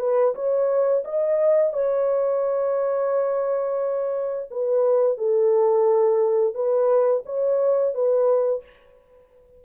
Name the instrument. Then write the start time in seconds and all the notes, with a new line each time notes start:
horn
0.00 B4
0.35 C#5
1.05 D#5
1.74 C#5
4.51 B4
5.18 A4
6.55 B4
7.26 C#5
7.95 B4